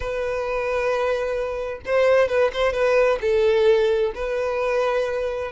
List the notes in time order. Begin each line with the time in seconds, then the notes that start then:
0.00 B4
1.85 C5
2.28 B4
2.53 C5
2.73 B4
3.21 A4
4.15 B4